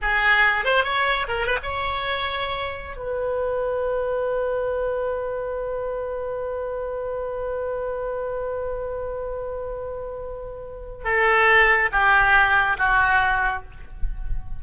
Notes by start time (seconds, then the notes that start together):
0.01 G#4
0.64 C5
0.84 C#5
1.28 A#4
1.46 B4
1.62 C#5
2.96 B4
11.04 A4
11.92 G4
12.78 F#4